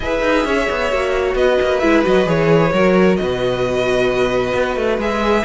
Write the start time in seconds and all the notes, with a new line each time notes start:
0.00 E4 G#4 B4 E5
0.22 D#4
0.44 C#4 C#5
0.70 B3
0.91 A#3 F#4
1.34 B3 B4 D#5
1.61 A#3
1.79 G#3 E4 E5
2.03 F#3 F#4 D#5
2.25 E3 G#4 C#5
2.73 F#3 F#4 A#4
3.16 B2 B4 D#5
4.53 B3
4.76 A3
4.98 G#3 G#4 E5